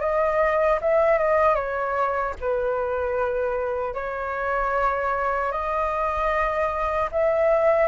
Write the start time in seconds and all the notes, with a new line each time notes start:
0.00 D#5
0.81 E5
1.18 D#5
1.55 C#5
2.40 B4
3.94 C#5
5.51 D#5
7.11 E5